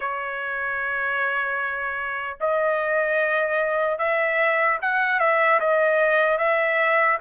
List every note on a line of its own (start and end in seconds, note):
0.00 2.37 C#5
2.40 3.98 D#5
3.98 4.78 E5
4.81 5.19 F#5
5.19 5.59 E5
5.60 6.37 D#5
6.37 7.17 E5